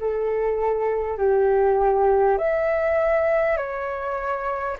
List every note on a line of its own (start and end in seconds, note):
0.00 1.17 A4
1.17 2.37 G4
2.37 3.57 E5
3.57 4.77 C#5